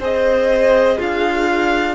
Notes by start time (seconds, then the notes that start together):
0.00 C4 G#4 C5 D#5
0.98 D4 F4 F5